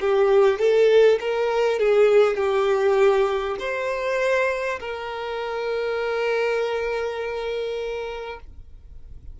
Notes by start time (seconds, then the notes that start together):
0.00 G4
0.59 A4
1.21 A#4
1.79 G#4
2.37 G4
3.59 C5
4.79 A#4